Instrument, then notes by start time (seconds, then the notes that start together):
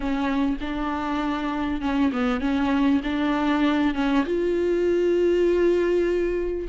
viola
0.00 C#4
0.60 D4
1.81 C#4
2.12 B3
2.40 C#4
3.03 D4
3.94 C#4
4.25 F4